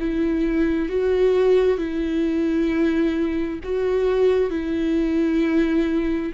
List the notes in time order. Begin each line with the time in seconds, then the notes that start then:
0.00 E4
0.89 F#4
1.78 E4
3.64 F#4
4.50 E4